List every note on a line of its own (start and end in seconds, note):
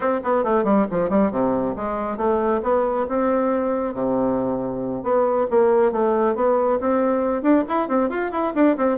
0.00 0.20 C4
0.23 0.44 B3
0.44 0.64 A3
0.64 0.86 G3
0.90 1.09 F3
1.09 1.31 G3
1.31 1.75 C3
1.76 2.17 G#3
2.17 2.60 A3
2.62 3.06 B3
3.08 3.94 C4
3.94 5.03 C3
5.03 5.46 B3
5.50 5.92 A#3
5.92 6.35 A3
6.35 6.79 B3
6.80 7.42 C4
7.42 7.64 D4
7.68 7.88 E4
7.88 8.09 C4
8.09 8.31 F4
8.31 8.53 E4
8.54 8.76 D4
8.77 8.97 C4